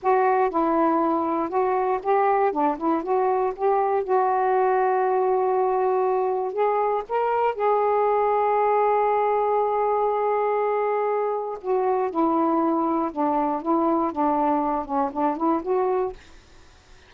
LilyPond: \new Staff \with { instrumentName = "saxophone" } { \time 4/4 \tempo 4 = 119 fis'4 e'2 fis'4 | g'4 d'8 e'8 fis'4 g'4 | fis'1~ | fis'4 gis'4 ais'4 gis'4~ |
gis'1~ | gis'2. fis'4 | e'2 d'4 e'4 | d'4. cis'8 d'8 e'8 fis'4 | }